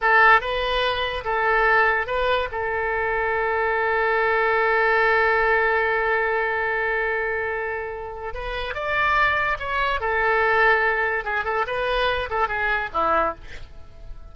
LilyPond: \new Staff \with { instrumentName = "oboe" } { \time 4/4 \tempo 4 = 144 a'4 b'2 a'4~ | a'4 b'4 a'2~ | a'1~ | a'1~ |
a'1 | b'4 d''2 cis''4 | a'2. gis'8 a'8 | b'4. a'8 gis'4 e'4 | }